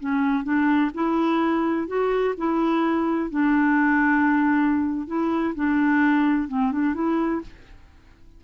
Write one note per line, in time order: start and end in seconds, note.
0.00 0.44 C#4
0.44 0.91 D4
0.94 1.88 E4
1.88 2.35 F#4
2.38 3.30 E4
3.30 5.07 D4
5.07 5.55 E4
5.56 6.49 D4
6.49 6.72 C4
6.72 6.95 D4
6.95 7.42 E4